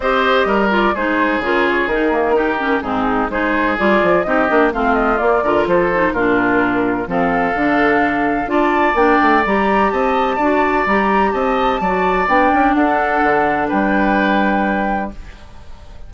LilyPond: <<
  \new Staff \with { instrumentName = "flute" } { \time 4/4 \tempo 4 = 127 dis''4. d''8 c''4 ais'8 cis''8 | ais'2 gis'4 c''4 | d''4 dis''4 f''8 dis''8 d''4 | c''4 ais'2 f''4~ |
f''2 a''4 g''4 | ais''4 a''2 ais''4 | a''2 g''4 fis''4~ | fis''4 g''2. | }
  \new Staff \with { instrumentName = "oboe" } { \time 4/4 c''4 ais'4 gis'2~ | gis'4 g'4 dis'4 gis'4~ | gis'4 g'4 f'4. ais'8 | a'4 f'2 a'4~ |
a'2 d''2~ | d''4 dis''4 d''2 | dis''4 d''2 a'4~ | a'4 b'2. | }
  \new Staff \with { instrumentName = "clarinet" } { \time 4/4 g'4. f'8 dis'4 f'4 | dis'8 ais8 dis'8 cis'8 c'4 dis'4 | f'4 dis'8 d'8 c'4 ais8 f'8~ | f'8 dis'8 d'2 c'4 |
d'2 f'4 d'4 | g'2 fis'4 g'4~ | g'4 fis'4 d'2~ | d'1 | }
  \new Staff \with { instrumentName = "bassoon" } { \time 4/4 c'4 g4 gis4 cis4 | dis2 gis,4 gis4 | g8 f8 c'8 ais8 a4 ais8 d8 | f4 ais,2 f4 |
d2 d'4 ais8 a8 | g4 c'4 d'4 g4 | c'4 fis4 b8 cis'8 d'4 | d4 g2. | }
>>